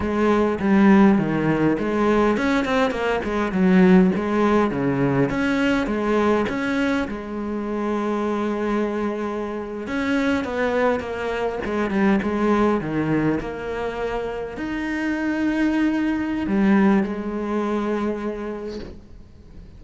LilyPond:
\new Staff \with { instrumentName = "cello" } { \time 4/4 \tempo 4 = 102 gis4 g4 dis4 gis4 | cis'8 c'8 ais8 gis8 fis4 gis4 | cis4 cis'4 gis4 cis'4 | gis1~ |
gis8. cis'4 b4 ais4 gis16~ | gis16 g8 gis4 dis4 ais4~ ais16~ | ais8. dis'2.~ dis'16 | g4 gis2. | }